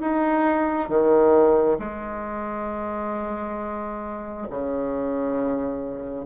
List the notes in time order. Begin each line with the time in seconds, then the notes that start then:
0.00 D#4
0.88 D#3
1.79 G#3
4.50 C#3